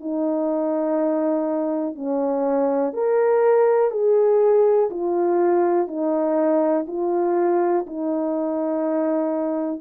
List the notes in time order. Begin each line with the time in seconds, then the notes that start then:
0.00 D#4
1.94 C#4
2.93 A#4
3.91 G#4
4.90 F4
5.87 D#4
6.87 F4
7.86 D#4